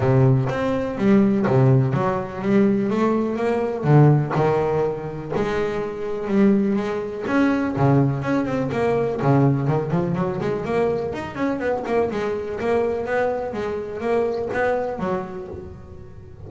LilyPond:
\new Staff \with { instrumentName = "double bass" } { \time 4/4 \tempo 4 = 124 c4 c'4 g4 c4 | fis4 g4 a4 ais4 | d4 dis2 gis4~ | gis4 g4 gis4 cis'4 |
cis4 cis'8 c'8 ais4 cis4 | dis8 f8 fis8 gis8 ais4 dis'8 cis'8 | b8 ais8 gis4 ais4 b4 | gis4 ais4 b4 fis4 | }